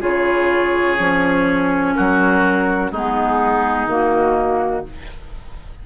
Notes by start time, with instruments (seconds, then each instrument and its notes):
0.00 bassoon C#3, clarinet F4, oboe G#4, flute C#5
0.98 bassoon F3, clarinet C#4
1.94 bassoon F#3, oboe F#4, flute A#4
2.91 bassoon G#3, clarinet B3, oboe D#4, flute G#4
3.86 bassoon D#3, clarinet A#3, flute F#4